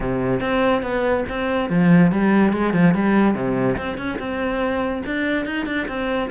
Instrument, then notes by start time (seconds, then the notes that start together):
cello
0.00 C3
0.40 C4
0.82 B3
1.29 C4
1.69 F3
2.11 G3
2.53 G#3
2.73 F3
2.94 G3
3.34 C3
3.77 C4
3.97 C#4
4.18 C4
5.06 D4
5.45 D#4
5.66 D4
5.87 C4